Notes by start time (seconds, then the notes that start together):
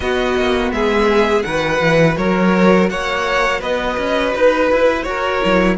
0.00 B3 F#4 D#5
0.36 A#3
0.71 G#3 G#4 E5
1.42 D#3 F#4 B4 F#5
1.80 E3
2.17 F#3 A#4 C#5
2.89 A#3 C#5 F#5
3.60 B3 B4 D#5
3.97 C#4
4.34 D#4 B4
4.71 E4
5.02 F#4 C#5
5.08 A#4
5.41 F#3 E4